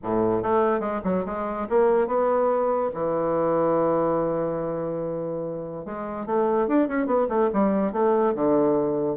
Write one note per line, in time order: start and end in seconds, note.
0.03 0.42 A2
0.42 0.80 A3
0.80 1.00 G#3
1.04 1.24 F#3
1.25 1.67 G#3
1.69 2.07 A#3
2.07 2.90 B3
2.94 5.85 E3
5.85 6.26 G#3
6.26 6.67 A3
6.67 6.88 D4
6.88 7.06 C#4
7.06 7.27 B3
7.28 7.49 A3
7.53 7.92 G3
7.92 8.34 A3
8.34 9.16 D3